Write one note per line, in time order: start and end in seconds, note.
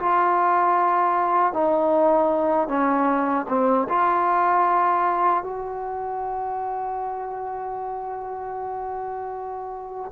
0.00 1.54 F4
1.54 2.69 D#4
2.69 3.47 C#4
3.49 3.88 C4
3.89 5.44 F4
5.44 10.12 F#4